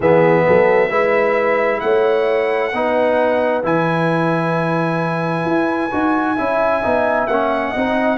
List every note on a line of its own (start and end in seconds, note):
0.00 0.45 E3
0.00 0.90 B3
0.00 0.44 G#4
0.00 1.80 E5
0.46 0.90 F#3
0.46 0.89 A4
0.89 1.81 G#3
0.89 2.72 E4
0.89 1.80 B4
1.80 2.72 A3
1.80 2.73 C#5
1.80 3.61 F#5
2.72 3.63 B3
2.72 3.63 D#4
2.72 6.35 B4
3.63 5.45 E3
3.63 5.90 E4
3.63 7.27 G#5
5.45 5.90 E4
5.91 6.38 D#4
5.91 6.36 F#4
6.35 6.84 C#4
6.35 6.83 E4
6.35 7.70 E5
6.83 7.27 B3
6.83 7.28 D#4
7.27 7.73 A#3
7.27 7.75 C#4
7.27 8.17 F#5
7.70 8.17 C4
7.70 8.17 D#4
7.70 8.15 D#5